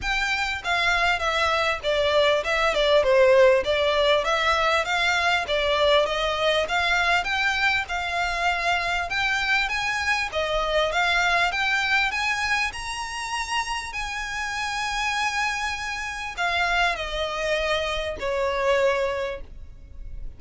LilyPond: \new Staff \with { instrumentName = "violin" } { \time 4/4 \tempo 4 = 99 g''4 f''4 e''4 d''4 | e''8 d''8 c''4 d''4 e''4 | f''4 d''4 dis''4 f''4 | g''4 f''2 g''4 |
gis''4 dis''4 f''4 g''4 | gis''4 ais''2 gis''4~ | gis''2. f''4 | dis''2 cis''2 | }